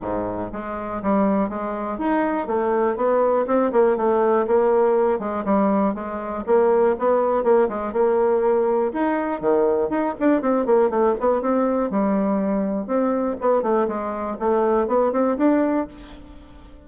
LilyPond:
\new Staff \with { instrumentName = "bassoon" } { \time 4/4 \tempo 4 = 121 gis,4 gis4 g4 gis4 | dis'4 a4 b4 c'8 ais8 | a4 ais4. gis8 g4 | gis4 ais4 b4 ais8 gis8 |
ais2 dis'4 dis4 | dis'8 d'8 c'8 ais8 a8 b8 c'4 | g2 c'4 b8 a8 | gis4 a4 b8 c'8 d'4 | }